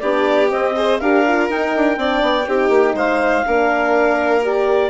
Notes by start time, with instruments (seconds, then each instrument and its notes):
0.00 bassoon B3, horn D4, violin G4, clarinet D5
0.49 horn C4, bassoon C4, clarinet D#5
0.76 horn G#4, violin C5
0.99 bassoon D4, horn G4, violin A#4, clarinet F5
1.28 horn F4
1.50 bassoon D#4, horn D#4, clarinet G5
1.76 bassoon D4
1.97 bassoon C4, horn D4, violin D5
2.22 bassoon B3
2.48 bassoon C4, horn D#4, violin G4
2.69 bassoon A#3
2.95 bassoon G#3, violin C5, clarinet F5
3.45 bassoon A#3, horn D4, violin A#4
4.43 horn G4, clarinet D5